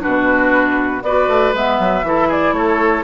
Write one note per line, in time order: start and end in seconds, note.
0.00 1.02 B2
0.00 1.01 D4
0.00 1.03 F#4
0.00 1.03 B4
1.02 1.27 B3
1.02 1.54 F#4
1.02 2.06 B4
1.02 1.53 D5
1.28 1.53 A3
1.53 1.78 G#3
1.53 2.04 B3
1.53 2.31 E5
1.79 2.02 F#3
2.02 2.52 E3
2.02 3.04 E4
2.02 2.28 A4
2.28 2.53 G#4
2.28 2.53 D5
2.52 3.03 A3
2.52 3.04 A4
2.52 3.04 C#5